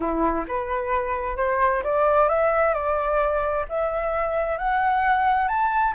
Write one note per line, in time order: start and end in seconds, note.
0.00 0.45 E4
0.47 1.36 B4
1.36 1.82 C5
1.83 2.28 D5
2.28 2.74 E5
2.74 3.65 D5
3.68 4.58 E5
4.58 5.47 F#5
5.47 5.93 A5